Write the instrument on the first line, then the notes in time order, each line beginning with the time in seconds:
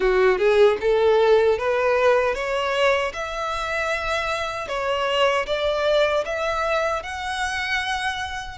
violin
0.00 F#4
0.38 G#4
0.80 A4
1.58 B4
2.34 C#5
3.13 E5
4.68 C#5
5.46 D5
6.25 E5
7.02 F#5